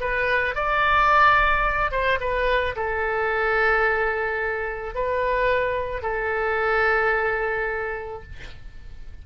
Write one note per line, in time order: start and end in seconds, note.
0.00 0.55 B4
0.55 1.91 D5
1.91 2.19 C5
2.20 2.75 B4
2.75 4.94 A4
4.94 6.02 B4
6.02 8.22 A4